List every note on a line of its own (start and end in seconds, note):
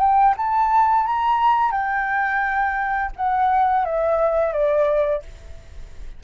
0.00 0.35 G5
0.37 1.07 A5
1.07 1.72 A#5
1.72 3.11 G5
3.16 3.85 F#5
3.85 4.53 E5
4.53 5.23 D5